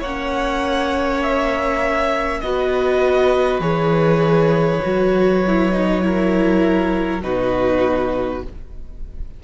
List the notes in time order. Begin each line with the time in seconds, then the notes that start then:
0.00 A#3 C#4 C#5 F#5
1.23 E5
2.41 B3 F#4 D#5
2.47 B4
3.60 E3 G#4 C#5
4.83 F#3 F#4
5.48 E4
5.72 D#4
6.02 E4 A#4
7.23 B2 D#4 F#4 B4